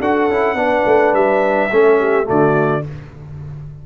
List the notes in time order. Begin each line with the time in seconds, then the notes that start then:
0.00 D4 F#4 A4 F#5
0.28 C#4 E4
0.55 B3 D4 B4
0.86 A3
1.13 G3 E5
1.71 A3 C#4 A4
2.00 G4
2.25 D3 A3 F#4 D5